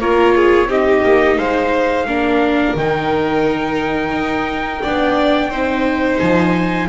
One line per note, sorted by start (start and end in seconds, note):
0.00 0.66 A#3
0.00 0.69 F4
0.00 0.34 A#4
0.00 0.70 C#5
0.36 0.69 G#4
0.66 1.00 C4
0.66 2.06 D#4
0.66 1.38 G4
0.66 1.38 D#5
1.04 1.38 A#3
1.38 2.06 G#3
1.38 2.07 C5
1.38 2.76 F5
2.06 2.75 A#3
2.06 2.77 D4
2.06 4.82 A#4
2.76 4.12 D#3
2.76 4.84 D#4
2.76 6.20 G5
4.12 4.81 D#4
4.82 5.50 B3
4.82 5.52 D4
4.82 5.50 D5
5.50 6.19 C4
5.50 6.89 D#4
5.50 6.88 C5
6.20 6.89 F3
6.20 6.89 G#5